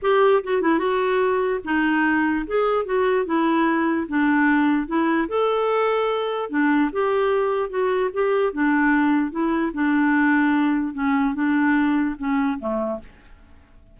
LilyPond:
\new Staff \with { instrumentName = "clarinet" } { \time 4/4 \tempo 4 = 148 g'4 fis'8 e'8 fis'2 | dis'2 gis'4 fis'4 | e'2 d'2 | e'4 a'2. |
d'4 g'2 fis'4 | g'4 d'2 e'4 | d'2. cis'4 | d'2 cis'4 a4 | }